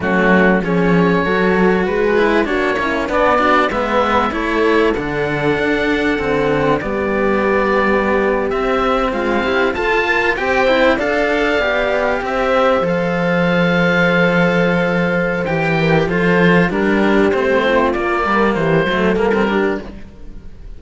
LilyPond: <<
  \new Staff \with { instrumentName = "oboe" } { \time 4/4 \tempo 4 = 97 fis'4 cis''2 b'4 | cis''4 d''4 e''4 cis''4 | fis''2. d''4~ | d''4.~ d''16 e''4 f''4 a''16~ |
a''8. g''4 f''2 e''16~ | e''8. f''2.~ f''16~ | f''4 g''4 c''4 ais'4 | c''4 d''4 c''4 ais'4 | }
  \new Staff \with { instrumentName = "horn" } { \time 4/4 cis'4 gis'4 a'4 gis'4 | fis'8 e'8 d'8 fis'8 b'4 a'4~ | a'2. g'4~ | g'2~ g'8. f'8 g'8 a'16~ |
a'16 ais'8 c''4 d''2 c''16~ | c''1~ | c''4. ais'8 a'4 g'4~ | g'8 f'4 ais'8 g'8 a'4 g'8 | }
  \new Staff \with { instrumentName = "cello" } { \time 4/4 a4 cis'4 fis'4. e'8 | d'8 cis'8 b8 d'8 b4 e'4 | d'2 c'4 b4~ | b4.~ b16 c'2 f'16~ |
f'8. g'8 e'8 a'4 g'4~ g'16~ | g'8. a'2.~ a'16~ | a'4 g'4 f'4 d'4 | c'4 ais4. a8 ais16 c'16 d'8 | }
  \new Staff \with { instrumentName = "cello" } { \time 4/4 fis4 f4 fis4 gis4 | ais4 b4 gis4 a4 | d4 d'4 d4 g4~ | g4.~ g16 c'4 gis8 e'8 f'16~ |
f'8. c'4 d'4 b4 c'16~ | c'8. f2.~ f16~ | f4 e4 f4 g4 | a4 ais8 g8 e8 fis8 g4 | }
>>